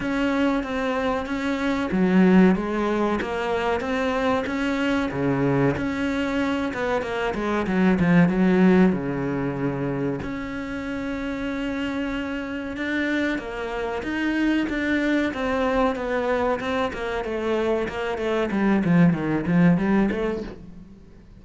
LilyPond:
\new Staff \with { instrumentName = "cello" } { \time 4/4 \tempo 4 = 94 cis'4 c'4 cis'4 fis4 | gis4 ais4 c'4 cis'4 | cis4 cis'4. b8 ais8 gis8 | fis8 f8 fis4 cis2 |
cis'1 | d'4 ais4 dis'4 d'4 | c'4 b4 c'8 ais8 a4 | ais8 a8 g8 f8 dis8 f8 g8 a8 | }